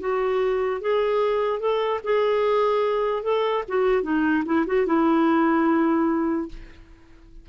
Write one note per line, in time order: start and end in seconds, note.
0.00 0.81 F#4
0.81 1.60 G#4
1.60 2.00 A4
2.04 3.23 G#4
3.23 3.64 A4
3.68 4.02 F#4
4.02 4.43 D#4
4.45 4.65 E4
4.66 4.86 F#4
4.86 6.48 E4